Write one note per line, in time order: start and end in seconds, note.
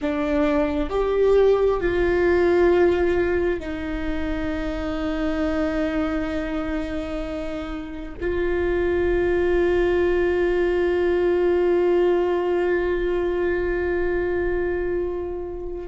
0.01 0.89 D4
0.89 1.80 G4
1.80 3.60 F4
3.60 8.14 D#4
8.20 15.88 F4